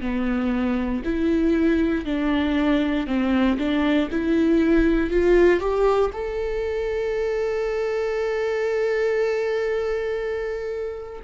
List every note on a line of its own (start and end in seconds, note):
0.00 1.02 B3
1.04 2.05 E4
2.05 3.06 D4
3.06 3.57 C4
3.58 4.09 D4
4.10 5.10 E4
5.10 5.60 F4
5.60 6.11 G4
6.12 11.21 A4